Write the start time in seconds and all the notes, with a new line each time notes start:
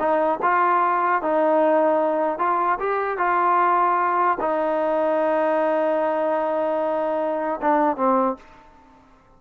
0.00 D#4
0.43 F4
1.23 D#4
2.39 F4
2.80 G4
3.18 F4
4.41 D#4
7.62 D4
7.97 C4